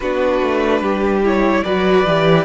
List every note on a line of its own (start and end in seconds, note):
0.00 0.41 B3
0.00 1.23 D4
0.00 0.82 F#4
0.00 1.22 B4
0.41 0.80 A3
0.80 1.62 G3
0.80 1.64 G4
1.23 1.64 E4
1.23 1.64 C#5
1.64 2.05 F#3
1.64 2.05 F#4
1.64 2.45 B4
1.64 2.45 D5
2.05 2.45 E3
2.05 2.45 G4